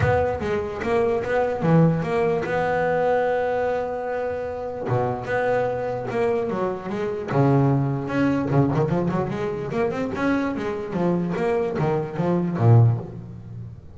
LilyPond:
\new Staff \with { instrumentName = "double bass" } { \time 4/4 \tempo 4 = 148 b4 gis4 ais4 b4 | e4 ais4 b2~ | b1 | b,4 b2 ais4 |
fis4 gis4 cis2 | cis'4 cis8 dis8 f8 fis8 gis4 | ais8 c'8 cis'4 gis4 f4 | ais4 dis4 f4 ais,4 | }